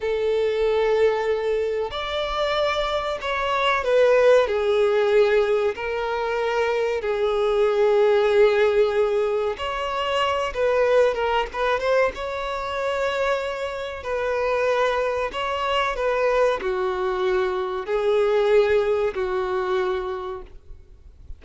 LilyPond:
\new Staff \with { instrumentName = "violin" } { \time 4/4 \tempo 4 = 94 a'2. d''4~ | d''4 cis''4 b'4 gis'4~ | gis'4 ais'2 gis'4~ | gis'2. cis''4~ |
cis''8 b'4 ais'8 b'8 c''8 cis''4~ | cis''2 b'2 | cis''4 b'4 fis'2 | gis'2 fis'2 | }